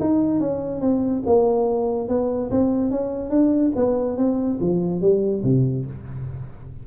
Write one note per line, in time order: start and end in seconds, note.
0.00 0.40 D#4
0.40 0.81 C#4
0.81 1.23 C4
1.26 2.08 A#3
2.08 2.50 B3
2.51 2.91 C4
2.91 3.30 C#4
3.30 3.72 D4
3.76 4.17 B3
4.17 4.59 C4
4.61 5.01 F3
5.01 5.43 G3
5.44 5.86 C3